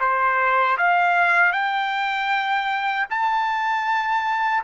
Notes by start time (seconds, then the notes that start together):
0.00 C5
0.77 F5
1.52 G5
3.10 A5